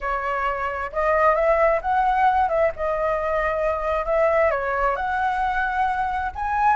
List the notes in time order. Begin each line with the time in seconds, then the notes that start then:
0.01 C#5
0.92 D#5
1.35 E5
1.81 F#5
2.48 E5
2.76 D#5
4.05 E5
4.51 C#5
4.96 F#5
6.35 G#5